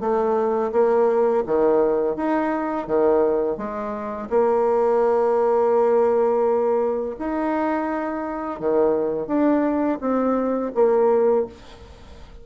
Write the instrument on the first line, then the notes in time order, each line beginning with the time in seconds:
bassoon
0.00 A3
0.72 A#3
1.46 D#3
2.16 D#4
2.87 D#3
3.57 G#3
4.30 A#3
7.19 D#4
8.60 D#3
9.27 D4
10.00 C4
10.74 A#3